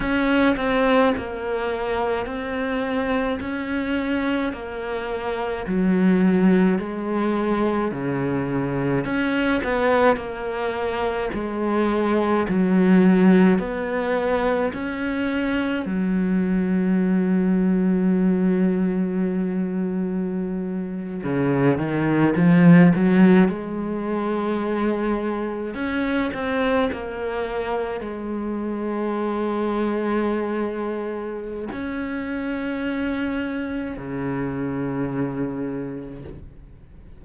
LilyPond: \new Staff \with { instrumentName = "cello" } { \time 4/4 \tempo 4 = 53 cis'8 c'8 ais4 c'4 cis'4 | ais4 fis4 gis4 cis4 | cis'8 b8 ais4 gis4 fis4 | b4 cis'4 fis2~ |
fis2~ fis8. cis8 dis8 f16~ | f16 fis8 gis2 cis'8 c'8 ais16~ | ais8. gis2.~ gis16 | cis'2 cis2 | }